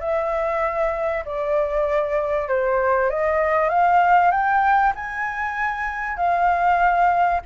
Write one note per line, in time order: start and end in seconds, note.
0.00 1.24 E5
1.25 2.48 D5
2.48 3.10 C5
3.10 3.69 D#5
3.69 4.31 F5
4.31 4.93 G5
4.95 6.17 G#5
6.17 7.40 F5